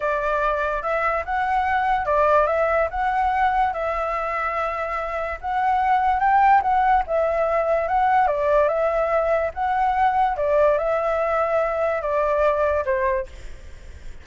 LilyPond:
\new Staff \with { instrumentName = "flute" } { \time 4/4 \tempo 4 = 145 d''2 e''4 fis''4~ | fis''4 d''4 e''4 fis''4~ | fis''4 e''2.~ | e''4 fis''2 g''4 |
fis''4 e''2 fis''4 | d''4 e''2 fis''4~ | fis''4 d''4 e''2~ | e''4 d''2 c''4 | }